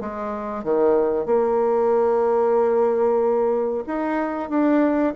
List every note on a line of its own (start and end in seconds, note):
0.00 0.64 G#3
0.64 1.26 D#3
1.26 3.84 A#3
3.87 4.49 D#4
4.49 5.13 D4